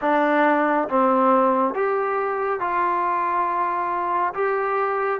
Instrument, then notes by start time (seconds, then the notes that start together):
trombone
0.01 D4
0.89 C4
1.74 G4
2.59 F4
4.34 G4